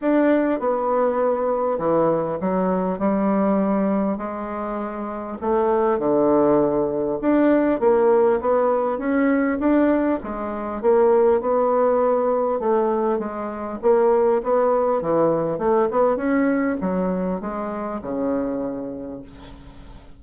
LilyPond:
\new Staff \with { instrumentName = "bassoon" } { \time 4/4 \tempo 4 = 100 d'4 b2 e4 | fis4 g2 gis4~ | gis4 a4 d2 | d'4 ais4 b4 cis'4 |
d'4 gis4 ais4 b4~ | b4 a4 gis4 ais4 | b4 e4 a8 b8 cis'4 | fis4 gis4 cis2 | }